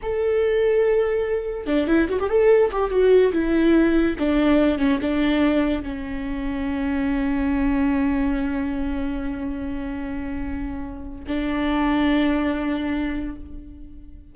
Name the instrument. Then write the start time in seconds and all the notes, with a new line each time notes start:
viola
0.02 A4
1.66 D4
1.87 E4
2.08 F#4
2.19 G4
2.29 A4
2.72 G4
2.90 F#4
3.32 E4
4.19 D4
4.78 C#4
5.01 D4
5.82 C#4
11.27 D4